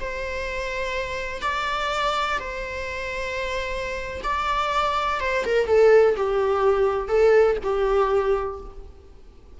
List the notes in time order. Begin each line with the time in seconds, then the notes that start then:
0.00 C5
1.41 D5
2.39 C5
4.23 D5
5.20 C5
5.45 A#4
5.67 A4
6.16 G4
7.08 A4
7.63 G4